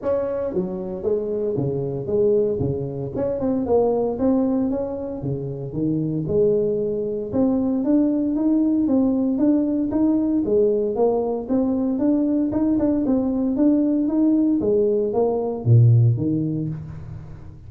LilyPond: \new Staff \with { instrumentName = "tuba" } { \time 4/4 \tempo 4 = 115 cis'4 fis4 gis4 cis4 | gis4 cis4 cis'8 c'8 ais4 | c'4 cis'4 cis4 dis4 | gis2 c'4 d'4 |
dis'4 c'4 d'4 dis'4 | gis4 ais4 c'4 d'4 | dis'8 d'8 c'4 d'4 dis'4 | gis4 ais4 ais,4 dis4 | }